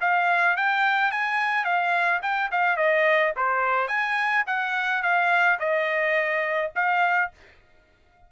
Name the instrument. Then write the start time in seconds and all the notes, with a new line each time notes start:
trumpet
0.00 F5
0.56 G5
1.11 G#5
1.64 F5
2.22 G5
2.51 F5
2.76 D#5
3.36 C5
3.88 G#5
4.46 F#5
5.02 F5
5.59 D#5
6.75 F5